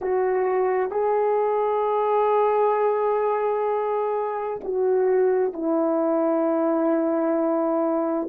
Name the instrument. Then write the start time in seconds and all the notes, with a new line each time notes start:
horn
0.01 F#4
0.90 G#4
4.64 F#4
5.53 E4